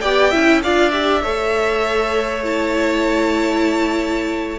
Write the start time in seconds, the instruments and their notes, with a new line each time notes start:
0.00 cello B3, viola G4, violin D5 G5
0.30 cello C#4, viola E4, violin E5
0.63 cello D4, viola F4, violin D5 F5
0.90 viola G4, violin E5
1.22 cello A3, viola A4, violin C#5
2.43 viola E4, violin A5